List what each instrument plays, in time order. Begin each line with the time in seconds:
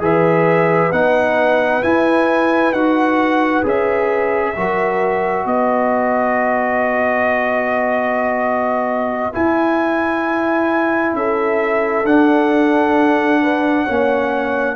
0.00 tuba E3, trombone G#4, horn B4, trumpet E5
0.92 tuba B3, trombone D#4, trumpet F#5
1.82 trombone E4, tuba E4, trumpet G#5
2.72 tuba D#4, trombone F#4, trumpet F#5
3.63 tuba C#4, trombone G#4, trumpet E5
4.56 tuba F#3, trombone F#4, horn A#4
5.45 tuba B3, horn B4, trumpet D#5
9.32 trombone E4, tuba E4, trumpet G#5
11.13 tuba C#4, horn A4, trumpet E5
12.04 tuba D4, trombone D4, trumpet F#5
13.42 horn B4
13.85 tuba A#3, trombone C#4, horn C#5